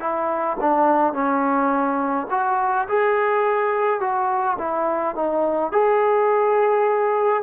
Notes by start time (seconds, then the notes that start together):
0.00 E4
0.61 D4
1.13 C#4
2.30 F#4
2.88 G#4
4.00 F#4
4.58 E4
5.15 D#4
5.72 G#4